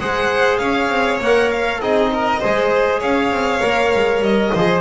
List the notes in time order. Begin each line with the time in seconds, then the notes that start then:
0.00 G#3 G#4 C5 F#5
0.58 C#4 C#5 F5
0.89 C4
1.20 A#3 A#4 F#5
1.51 F5
1.80 C4 D#4 G#4 D#5
2.13 A#4
2.40 G#3 G#4 C5
3.00 C#4 C#5 F5
3.31 C4
3.62 A#3 A#4
3.95 G#3
4.20 G3 D#5
4.54 F3 G#4 C5